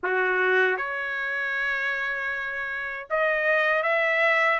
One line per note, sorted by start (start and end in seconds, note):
0.03 0.77 F#4
0.77 3.07 C#5
3.09 3.83 D#5
3.83 4.59 E5